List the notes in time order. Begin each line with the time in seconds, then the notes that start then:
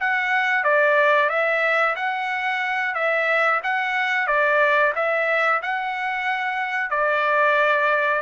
0.00 F#5
0.64 D5
1.29 E5
1.95 F#5
2.94 E5
3.63 F#5
4.27 D5
4.95 E5
5.62 F#5
6.90 D5